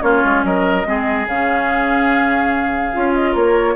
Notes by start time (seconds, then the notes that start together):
0.00 A#3 C#4 F4 C#5
0.24 G#3
0.43 F#3 A#4 D#5
0.84 G#3 C4 G#4
1.26 C#3 C#4 F5
2.93 C#4 F4
3.13 D#5
3.32 A#3 A#4 C#5